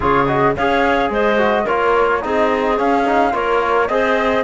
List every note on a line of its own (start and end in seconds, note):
0.00 0.56 C#3
0.00 0.26 F4
0.00 0.55 G#4
0.00 0.26 C#5
0.26 0.55 F#4
0.26 0.54 D#5
0.55 1.09 C#4
0.55 1.37 G#4
0.55 1.11 C#5
0.55 1.11 F5
1.09 1.65 G#3
1.09 1.63 C5
1.09 1.66 D#5
1.37 1.65 F#4
1.63 2.24 A#3
1.63 2.21 F4
1.63 2.19 A#4
1.63 2.22 C#5
2.21 2.79 C4
2.21 2.76 D#4
2.21 3.33 G#4
2.21 2.77 D#5
2.76 3.04 C#4
2.76 3.33 C#4
2.76 3.34 F5
3.05 3.32 D#4
3.32 3.89 A#3
3.32 3.87 F4
3.32 3.88 A#4
3.32 3.87 C#5
3.87 4.44 C4
3.87 4.44 G#4
3.87 4.44 C5
3.87 4.43 D#5